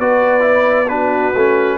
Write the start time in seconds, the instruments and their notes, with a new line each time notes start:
0.00 tuba B3, trombone F#4, horn B4, trumpet D5
0.41 trombone E4
0.89 trombone D4, horn F#4, trumpet B4
1.35 tuba A3, trombone C#4